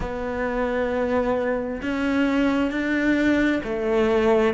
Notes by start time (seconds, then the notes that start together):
0.00 B3
1.82 C#4
2.71 D4
3.63 A3